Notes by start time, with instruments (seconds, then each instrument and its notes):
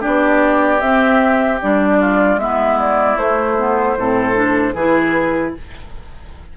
0.00 bassoon B3, clarinet D4, oboe G4, flute D5
0.80 bassoon C4, clarinet C4, flute E5
1.61 bassoon G3, clarinet D4, flute D5
2.00 oboe F4
2.37 bassoon G#3, clarinet B3, oboe E4, flute E5
2.79 flute D5
3.17 clarinet A3, bassoon A3, flute C5
3.58 clarinet B3
3.97 bassoon A2, clarinet C4, oboe A4
4.34 clarinet D4
4.74 bassoon E3, clarinet E4, oboe G#4, flute B4